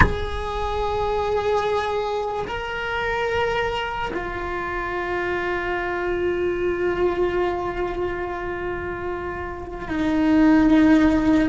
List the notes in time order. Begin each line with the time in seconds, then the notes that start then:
0.00 G#4
2.47 A#4
4.13 F4
9.88 D#4